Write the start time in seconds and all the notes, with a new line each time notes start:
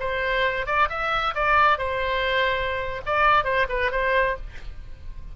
0.00 C5
0.66 D5
0.90 E5
1.35 D5
1.78 C5
3.06 D5
3.44 C5
3.69 B4
3.92 C5